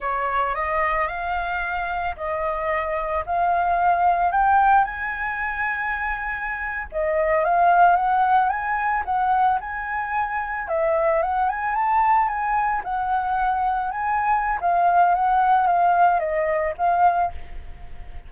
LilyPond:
\new Staff \with { instrumentName = "flute" } { \time 4/4 \tempo 4 = 111 cis''4 dis''4 f''2 | dis''2 f''2 | g''4 gis''2.~ | gis''8. dis''4 f''4 fis''4 gis''16~ |
gis''8. fis''4 gis''2 e''16~ | e''8. fis''8 gis''8 a''4 gis''4 fis''16~ | fis''4.~ fis''16 gis''4~ gis''16 f''4 | fis''4 f''4 dis''4 f''4 | }